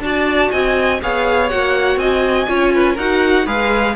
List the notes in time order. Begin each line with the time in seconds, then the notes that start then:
0.00 D4 F#4 D5 A5
0.51 C4 D#5 G#5
1.02 B3 G#4 C#5 F5
1.49 A#3 F#4 F#5
1.96 C4 D#5 G#5
2.47 C#4 F4 C#5
2.74 B4
2.94 D#4 F#4 A#4 F#5
3.46 G#3 G#4 B4 F5